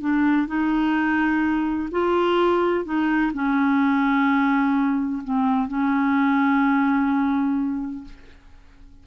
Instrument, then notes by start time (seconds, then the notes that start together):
clarinet
0.00 D4
0.47 D#4
1.91 F4
2.84 D#4
3.33 C#4
5.24 C4
5.68 C#4